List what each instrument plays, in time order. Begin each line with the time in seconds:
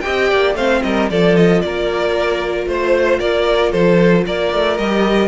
0.00 viola G4, violin D#5 G5
0.06 cello C4
0.30 cello A#3, violin D5
0.55 cello A3, viola C4, violin C5 F5
0.83 cello G3, violin A#4 D#5
1.10 cello F3, viola F4, violin A4 D5
1.36 violin D#5
1.61 cello A#3, violin A#4 D5
2.66 cello A3, violin C5
3.19 cello A#3, violin A#4 D5
3.71 cello F3, violin A4 C5
4.26 cello A#3, violin A#4 D5
4.53 cello A3
4.77 cello G3, viola G4, violin D#5